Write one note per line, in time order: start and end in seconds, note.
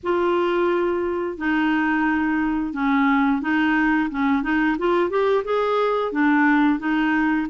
0.03 1.37 F4
1.37 2.73 D#4
2.73 3.41 C#4
3.41 4.09 D#4
4.10 4.42 C#4
4.42 4.76 D#4
4.78 5.10 F4
5.10 5.44 G4
5.44 6.12 G#4
6.12 6.79 D4
6.79 7.47 D#4